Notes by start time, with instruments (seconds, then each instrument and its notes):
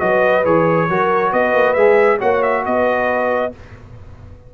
0.00 tuba F#3, trombone F#4, horn B4, trumpet D#5
0.45 tuba E3, trombone G#4, trumpet C#5
0.90 tuba F#3, trombone F#4, horn A#4
1.32 tuba B3, horn B4, trumpet D#5
1.54 tuba A#3
1.74 tuba G#3, trombone G#4, trumpet E5
2.19 tuba A#3, trombone F#4, horn C#5, trumpet F#5
2.43 trumpet E5
2.66 tuba B3, horn B4, trumpet D#5